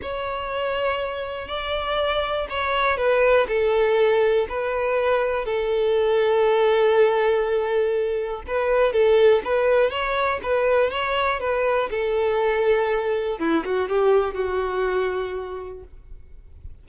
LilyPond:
\new Staff \with { instrumentName = "violin" } { \time 4/4 \tempo 4 = 121 cis''2. d''4~ | d''4 cis''4 b'4 a'4~ | a'4 b'2 a'4~ | a'1~ |
a'4 b'4 a'4 b'4 | cis''4 b'4 cis''4 b'4 | a'2. e'8 fis'8 | g'4 fis'2. | }